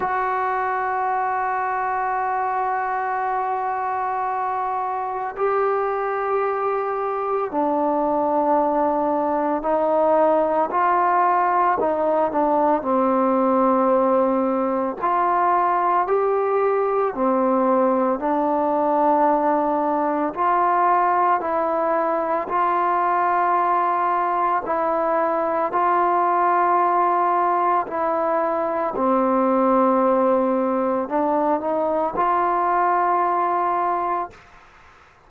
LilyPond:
\new Staff \with { instrumentName = "trombone" } { \time 4/4 \tempo 4 = 56 fis'1~ | fis'4 g'2 d'4~ | d'4 dis'4 f'4 dis'8 d'8 | c'2 f'4 g'4 |
c'4 d'2 f'4 | e'4 f'2 e'4 | f'2 e'4 c'4~ | c'4 d'8 dis'8 f'2 | }